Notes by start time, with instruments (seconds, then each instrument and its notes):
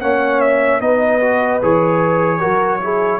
0.00 tuba A#3, trombone C#4, horn C#5, trumpet F#5
0.40 trumpet E5
0.80 tuba B3, trombone D#4, horn B4, trumpet D#5
1.21 trombone F#4
1.62 tuba E3, trombone G#4, trumpet C#5
2.40 tuba F#3, trombone F#4, horn A#4
2.80 trombone E4, horn G#4